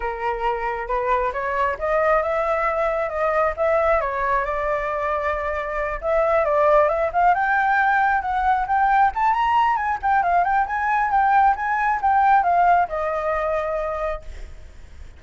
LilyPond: \new Staff \with { instrumentName = "flute" } { \time 4/4 \tempo 4 = 135 ais'2 b'4 cis''4 | dis''4 e''2 dis''4 | e''4 cis''4 d''2~ | d''4. e''4 d''4 e''8 |
f''8 g''2 fis''4 g''8~ | g''8 a''8 ais''4 gis''8 g''8 f''8 g''8 | gis''4 g''4 gis''4 g''4 | f''4 dis''2. | }